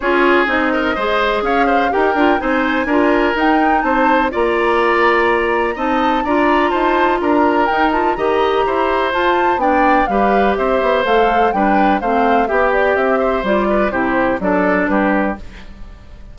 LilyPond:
<<
  \new Staff \with { instrumentName = "flute" } { \time 4/4 \tempo 4 = 125 cis''4 dis''2 f''4 | g''4 gis''2 g''4 | a''4 ais''2. | a''4 ais''4 a''4 ais''4 |
g''8 a''8 ais''2 a''4 | g''4 f''4 e''4 f''4 | g''4 f''4 e''8 d''8 e''4 | d''4 c''4 d''4 b'4 | }
  \new Staff \with { instrumentName = "oboe" } { \time 4/4 gis'4. ais'8 c''4 cis''8 c''8 | ais'4 c''4 ais'2 | c''4 d''2. | dis''4 d''4 c''4 ais'4~ |
ais'4 dis''4 c''2 | d''4 b'4 c''2 | b'4 c''4 g'4. c''8~ | c''8 b'8 g'4 a'4 g'4 | }
  \new Staff \with { instrumentName = "clarinet" } { \time 4/4 f'4 dis'4 gis'2 | g'8 f'8 dis'4 f'4 dis'4~ | dis'4 f'2. | dis'4 f'2. |
dis'8 f'8 g'2 f'4 | d'4 g'2 a'4 | d'4 c'4 g'2 | f'4 e'4 d'2 | }
  \new Staff \with { instrumentName = "bassoon" } { \time 4/4 cis'4 c'4 gis4 cis'4 | dis'8 d'8 c'4 d'4 dis'4 | c'4 ais2. | c'4 d'4 dis'4 d'4 |
dis'4 dis4 e'4 f'4 | b4 g4 c'8 b8 a4 | g4 a4 b4 c'4 | g4 c4 fis4 g4 | }
>>